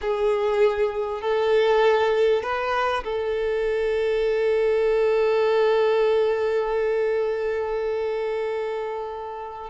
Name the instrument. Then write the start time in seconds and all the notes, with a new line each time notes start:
violin
0.01 G#4
1.21 A4
2.42 B4
3.03 A4